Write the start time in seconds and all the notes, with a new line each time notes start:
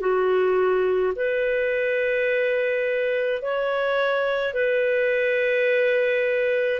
0.00 F#4
1.15 B4
3.42 C#5
4.54 B4